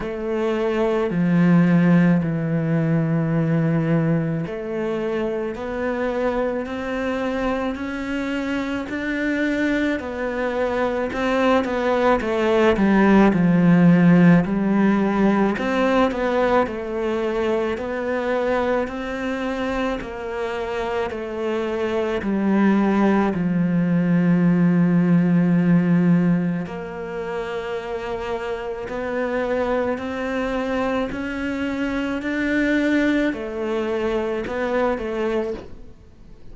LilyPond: \new Staff \with { instrumentName = "cello" } { \time 4/4 \tempo 4 = 54 a4 f4 e2 | a4 b4 c'4 cis'4 | d'4 b4 c'8 b8 a8 g8 | f4 g4 c'8 b8 a4 |
b4 c'4 ais4 a4 | g4 f2. | ais2 b4 c'4 | cis'4 d'4 a4 b8 a8 | }